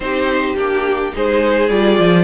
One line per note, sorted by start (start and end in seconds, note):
0.00 0.56 C4
0.00 0.56 D#4
0.00 1.15 G4
0.00 0.56 C5
0.56 1.12 A#3
0.56 1.13 D4
0.56 1.14 G4
1.13 1.70 G#3
1.13 1.69 D#4
1.13 2.23 G#4
1.13 1.69 C5
1.69 1.98 G3
1.69 2.23 F4
1.69 2.23 D5
1.98 2.23 F3